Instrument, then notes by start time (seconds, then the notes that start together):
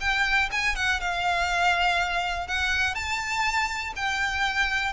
violin
0.00 G5
0.52 G#5
0.76 F#5
1.00 F5
2.47 F#5
2.95 A5
3.96 G5